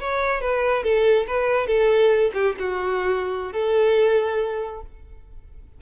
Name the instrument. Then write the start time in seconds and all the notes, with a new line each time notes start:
violin
0.00 C#5
0.41 B4
0.83 A4
1.27 B4
1.67 A4
2.33 G4
2.59 F#4
3.52 A4